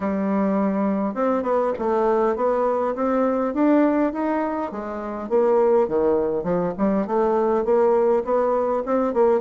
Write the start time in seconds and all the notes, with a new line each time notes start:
0.00 G3
1.14 C4
1.43 B3
1.78 A3
2.36 B3
2.95 C4
3.54 D4
4.12 D#4
4.71 G#3
5.29 A#3
5.87 D#3
6.43 F3
6.77 G3
7.06 A3
7.64 A#3
8.24 B3
8.85 C4
9.13 A#3